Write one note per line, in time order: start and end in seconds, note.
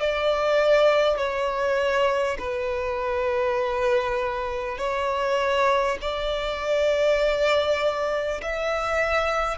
0.00 1.17 D5
1.17 2.37 C#5
2.38 4.77 B4
4.77 5.97 C#5
6.01 8.41 D5
8.42 9.58 E5